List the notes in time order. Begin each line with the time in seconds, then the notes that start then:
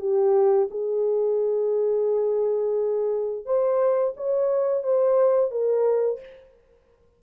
0.00 G4
0.71 G#4
3.46 C5
4.17 C#5
4.84 C5
5.51 A#4